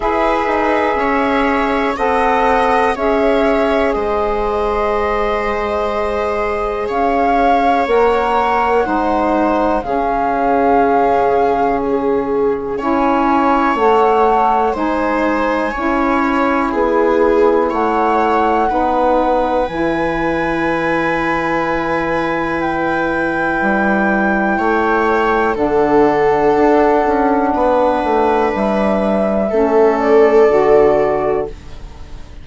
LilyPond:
<<
  \new Staff \with { instrumentName = "flute" } { \time 4/4 \tempo 4 = 61 e''2 fis''4 e''4 | dis''2. f''4 | fis''2 f''2 | gis'4 gis''4 fis''4 gis''4~ |
gis''2 fis''2 | gis''2. g''4~ | g''2 fis''2~ | fis''4 e''4. d''4. | }
  \new Staff \with { instrumentName = "viola" } { \time 4/4 b'4 cis''4 dis''4 cis''4 | c''2. cis''4~ | cis''4 c''4 gis'2~ | gis'4 cis''2 c''4 |
cis''4 gis'4 cis''4 b'4~ | b'1~ | b'4 cis''4 a'2 | b'2 a'2 | }
  \new Staff \with { instrumentName = "saxophone" } { \time 4/4 gis'2 a'4 gis'4~ | gis'1 | ais'4 dis'4 cis'2~ | cis'4 e'4 a'4 dis'4 |
e'2. dis'4 | e'1~ | e'2 d'2~ | d'2 cis'4 fis'4 | }
  \new Staff \with { instrumentName = "bassoon" } { \time 4/4 e'8 dis'8 cis'4 c'4 cis'4 | gis2. cis'4 | ais4 gis4 cis2~ | cis4 cis'4 a4 gis4 |
cis'4 b4 a4 b4 | e1 | g4 a4 d4 d'8 cis'8 | b8 a8 g4 a4 d4 | }
>>